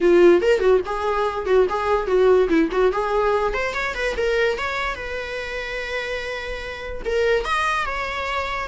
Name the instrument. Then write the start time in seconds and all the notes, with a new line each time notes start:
viola
0.00 F4
0.41 A#4
0.59 F#4
0.85 G#4
1.46 F#4
1.69 G#4
2.06 F#4
2.48 E4
2.71 F#4
2.92 G#4
3.53 C5
3.74 C#5
3.94 B4
4.16 A#4
4.58 C#5
4.95 B4
7.05 A#4
7.45 D#5
7.85 C#5